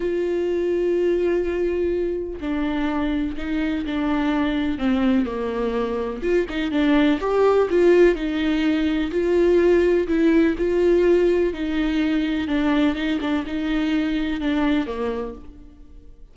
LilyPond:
\new Staff \with { instrumentName = "viola" } { \time 4/4 \tempo 4 = 125 f'1~ | f'4 d'2 dis'4 | d'2 c'4 ais4~ | ais4 f'8 dis'8 d'4 g'4 |
f'4 dis'2 f'4~ | f'4 e'4 f'2 | dis'2 d'4 dis'8 d'8 | dis'2 d'4 ais4 | }